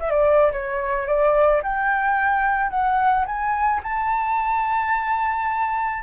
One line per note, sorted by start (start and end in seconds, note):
0.00 0.11 E5
0.11 0.52 D5
0.52 1.07 C#5
1.07 1.62 D5
1.63 2.70 G5
2.70 3.25 F#5
3.26 3.81 G#5
3.83 6.03 A5